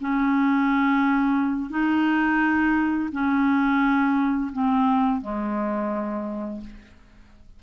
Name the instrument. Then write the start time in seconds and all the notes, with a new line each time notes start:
clarinet
0.00 C#4
1.70 D#4
3.11 C#4
4.52 C4
5.21 G#3